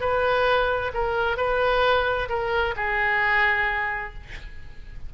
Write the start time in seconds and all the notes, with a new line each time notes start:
0.00 B4
0.94 A#4
1.37 B4
2.29 A#4
2.76 G#4